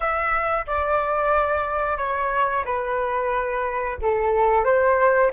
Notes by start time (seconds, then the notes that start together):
0.00 E5
0.66 D5
1.97 C#5
2.65 B4
4.01 A4
4.64 C5